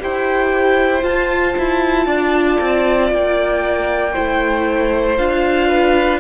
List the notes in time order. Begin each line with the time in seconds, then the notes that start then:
0.00 E4 G4 C5 G5
1.01 F4 A5
1.58 E4
2.06 D4 D5
2.61 C4
3.11 A#3 G5
4.13 A3 E4 C5
5.18 D4 F4 F5
5.68 B4